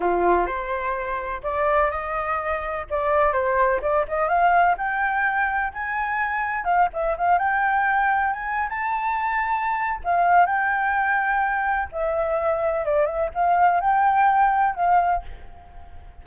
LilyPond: \new Staff \with { instrumentName = "flute" } { \time 4/4 \tempo 4 = 126 f'4 c''2 d''4 | dis''2 d''4 c''4 | d''8 dis''8 f''4 g''2 | gis''2 f''8 e''8 f''8 g''8~ |
g''4. gis''8. a''4.~ a''16~ | a''4 f''4 g''2~ | g''4 e''2 d''8 e''8 | f''4 g''2 f''4 | }